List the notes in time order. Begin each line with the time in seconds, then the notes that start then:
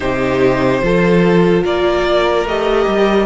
0.00 C3 D#4 G4 C5
0.82 F3 F4 A4
1.64 A#3 A#4 D5
2.44 A3 G4 D#5
2.86 G3